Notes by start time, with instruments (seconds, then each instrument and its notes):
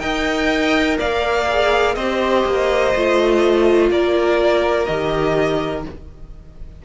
0.00 cello D#4, viola A#4, violin D#5 G5
0.99 cello A#3, violin D5 F5
1.50 viola G#4
1.95 cello C4, viola G4, violin C5 D#5
2.46 cello A#3
2.96 cello A3, viola F4
3.91 cello A#3, violin A#4 D5
4.86 cello D#3, viola G4, violin D#5